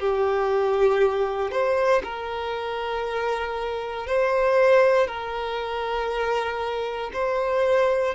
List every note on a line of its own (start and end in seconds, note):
0.00 1.51 G4
1.51 2.02 C5
2.04 4.07 A#4
4.07 5.08 C5
5.08 7.11 A#4
7.13 8.15 C5